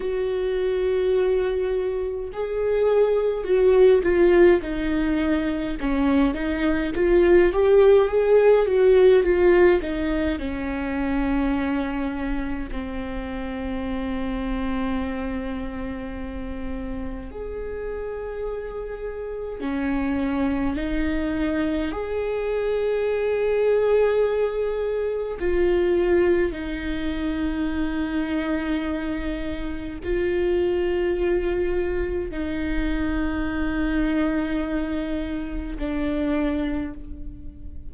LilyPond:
\new Staff \with { instrumentName = "viola" } { \time 4/4 \tempo 4 = 52 fis'2 gis'4 fis'8 f'8 | dis'4 cis'8 dis'8 f'8 g'8 gis'8 fis'8 | f'8 dis'8 cis'2 c'4~ | c'2. gis'4~ |
gis'4 cis'4 dis'4 gis'4~ | gis'2 f'4 dis'4~ | dis'2 f'2 | dis'2. d'4 | }